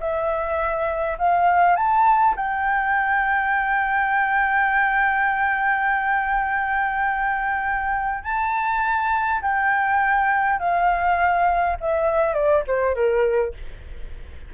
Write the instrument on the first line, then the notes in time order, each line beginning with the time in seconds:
flute
0.00 E5
1.18 F5
1.76 A5
2.36 G5
8.24 A5
9.42 G5
10.59 F5
11.80 E5
12.34 D5
12.67 C5
12.95 A#4